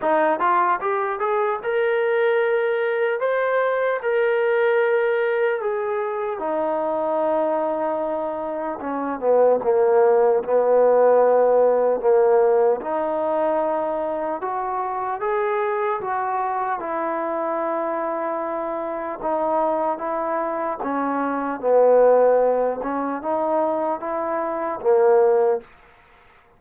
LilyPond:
\new Staff \with { instrumentName = "trombone" } { \time 4/4 \tempo 4 = 75 dis'8 f'8 g'8 gis'8 ais'2 | c''4 ais'2 gis'4 | dis'2. cis'8 b8 | ais4 b2 ais4 |
dis'2 fis'4 gis'4 | fis'4 e'2. | dis'4 e'4 cis'4 b4~ | b8 cis'8 dis'4 e'4 ais4 | }